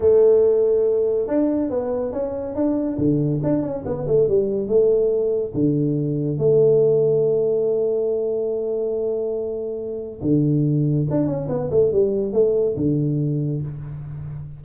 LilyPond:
\new Staff \with { instrumentName = "tuba" } { \time 4/4 \tempo 4 = 141 a2. d'4 | b4 cis'4 d'4 d4 | d'8 cis'8 b8 a8 g4 a4~ | a4 d2 a4~ |
a1~ | a1 | d2 d'8 cis'8 b8 a8 | g4 a4 d2 | }